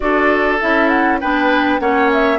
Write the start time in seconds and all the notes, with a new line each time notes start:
0.00 D4 F#4 A4 D5
0.61 C#4 E4 E5
0.88 F#5
1.20 B3 D4 B4 G5
1.79 A#3 C#4 C#5 F#5
2.12 E5